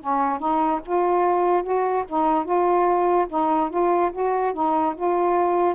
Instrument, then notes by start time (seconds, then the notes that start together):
saxophone
0.00 C#4
0.39 D#4
0.85 F4
1.63 F#4
2.08 D#4
2.44 F4
3.29 D#4
3.69 F4
4.12 F#4
4.53 D#4
4.95 F4